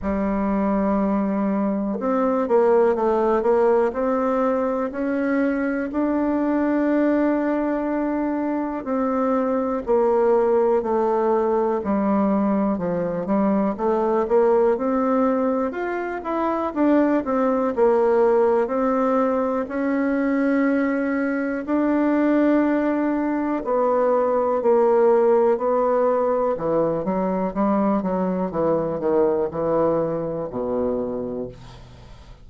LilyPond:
\new Staff \with { instrumentName = "bassoon" } { \time 4/4 \tempo 4 = 61 g2 c'8 ais8 a8 ais8 | c'4 cis'4 d'2~ | d'4 c'4 ais4 a4 | g4 f8 g8 a8 ais8 c'4 |
f'8 e'8 d'8 c'8 ais4 c'4 | cis'2 d'2 | b4 ais4 b4 e8 fis8 | g8 fis8 e8 dis8 e4 b,4 | }